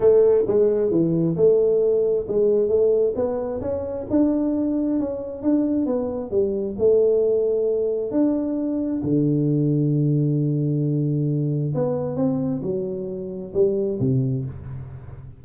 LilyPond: \new Staff \with { instrumentName = "tuba" } { \time 4/4 \tempo 4 = 133 a4 gis4 e4 a4~ | a4 gis4 a4 b4 | cis'4 d'2 cis'4 | d'4 b4 g4 a4~ |
a2 d'2 | d1~ | d2 b4 c'4 | fis2 g4 c4 | }